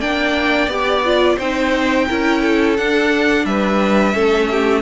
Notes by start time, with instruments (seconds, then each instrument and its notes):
0.00 cello A#3, viola D4, violin D5 G5
0.67 cello B3, viola G4, violin D5
1.05 viola F4
1.36 cello C4, viola D#4, violin C5 G5
2.07 cello C#4, viola E4, violin A#4
2.41 violin A4
2.77 viola D4, cello D4, violin F#5
3.45 cello G3, violin B4 E5
4.13 cello A3, viola C#4, violin A4
4.51 violin G4